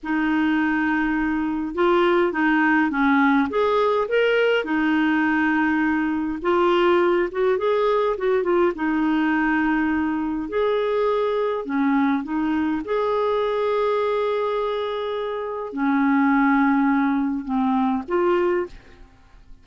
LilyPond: \new Staff \with { instrumentName = "clarinet" } { \time 4/4 \tempo 4 = 103 dis'2. f'4 | dis'4 cis'4 gis'4 ais'4 | dis'2. f'4~ | f'8 fis'8 gis'4 fis'8 f'8 dis'4~ |
dis'2 gis'2 | cis'4 dis'4 gis'2~ | gis'2. cis'4~ | cis'2 c'4 f'4 | }